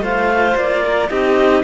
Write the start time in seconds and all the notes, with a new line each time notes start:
0.00 A3 F4 C5 F5
0.55 A#3 D5
0.85 A#4
1.08 C4 D#4 G4 D#5